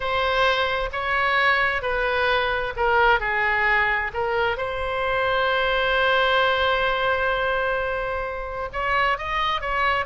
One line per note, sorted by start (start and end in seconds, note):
0.00 0.89 C5
0.92 1.82 C#5
1.82 2.73 B4
2.76 3.19 A#4
3.19 4.11 G#4
4.13 4.57 A#4
4.57 8.69 C5
8.72 9.18 C#5
9.18 9.61 D#5
9.61 10.05 C#5